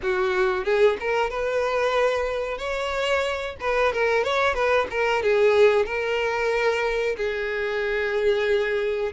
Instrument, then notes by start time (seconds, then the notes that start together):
violin
0.02 F#4
0.64 G#4
1.00 A#4
1.30 B4
2.58 C#5
3.60 B4
3.92 A#4
4.24 C#5
4.54 B4
4.90 A#4
5.22 G#4
5.85 A#4
7.17 G#4